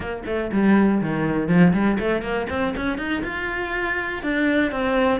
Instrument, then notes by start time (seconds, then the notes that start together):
cello
0.00 A#3
0.25 A3
0.52 G3
1.01 D#3
1.48 F3
1.73 G3
1.99 A3
2.22 A#3
2.49 C4
2.76 C#4
2.98 D#4
3.24 F4
4.22 D4
4.71 C4